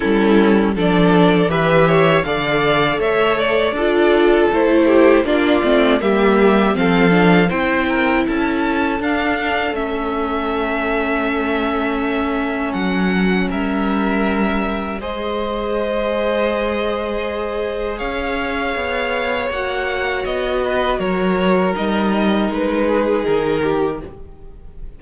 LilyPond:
<<
  \new Staff \with { instrumentName = "violin" } { \time 4/4 \tempo 4 = 80 a'4 d''4 e''4 f''4 | e''8 d''4. c''4 d''4 | e''4 f''4 g''4 a''4 | f''4 e''2.~ |
e''4 fis''4 e''2 | dis''1 | f''2 fis''4 dis''4 | cis''4 dis''4 b'4 ais'4 | }
  \new Staff \with { instrumentName = "violin" } { \time 4/4 e'4 a'4 b'8 cis''8 d''4 | cis''4 a'4. g'8 f'4 | g'4 a'4 c''8 ais'8 a'4~ | a'1~ |
a'2 ais'2 | c''1 | cis''2.~ cis''8 b'8 | ais'2~ ais'8 gis'4 g'8 | }
  \new Staff \with { instrumentName = "viola" } { \time 4/4 cis'4 d'4 g'4 a'4~ | a'4 f'4 e'4 d'8 c'8 | ais4 c'8 d'8 e'2 | d'4 cis'2.~ |
cis'1 | gis'1~ | gis'2 fis'2~ | fis'4 dis'2. | }
  \new Staff \with { instrumentName = "cello" } { \time 4/4 g4 f4 e4 d4 | a4 d'4 a4 ais8 a8 | g4 f4 c'4 cis'4 | d'4 a2.~ |
a4 fis4 g2 | gis1 | cis'4 b4 ais4 b4 | fis4 g4 gis4 dis4 | }
>>